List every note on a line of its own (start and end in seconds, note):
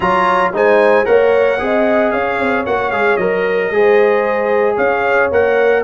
0.00 0.52 F#3
0.00 0.53 F4
0.00 0.54 C#5
0.00 0.51 A#5
0.53 1.06 G#3
0.53 1.04 D#4
0.53 1.06 C5
0.53 1.05 G#5
1.04 1.60 A#3
1.04 1.57 A#4
1.04 1.59 C#5
1.04 2.11 F#5
1.59 2.12 C4
1.59 2.65 G#4
1.59 2.13 D#5
2.11 2.39 C#4
2.11 3.72 C#5
2.11 2.64 F5
2.39 2.65 C4
2.66 2.90 A#3
2.66 2.92 F#4
2.66 2.90 F#5
2.90 3.16 G#3
2.90 3.18 G#4
2.90 3.16 F5
3.16 3.70 F#3
3.16 3.72 A#4
3.16 4.76 D#5
3.70 4.76 G#3
3.70 5.32 G#4
3.70 4.75 C5
4.75 5.30 C#4
4.75 5.81 C#5
4.75 5.30 F5
5.31 5.83 A#3
5.31 5.83 A#4
5.31 5.83 F#5